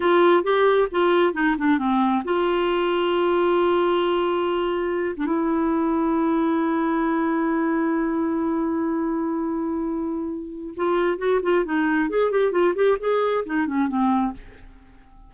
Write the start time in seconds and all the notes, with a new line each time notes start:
0.00 F4
0.43 G4
0.91 F4
1.33 D#4
1.58 D4
1.78 C4
2.24 F4
5.16 D4
5.26 E4
10.76 F4
11.18 F#4
11.42 F4
11.64 D#4
12.09 G#4
12.31 G4
12.51 F4
12.75 G4
12.99 G#4
13.45 D#4
13.66 C#4
13.88 C4